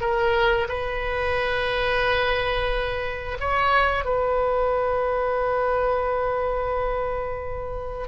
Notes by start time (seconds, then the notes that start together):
0.00 A#4
0.68 B4
3.40 C#5
4.04 B4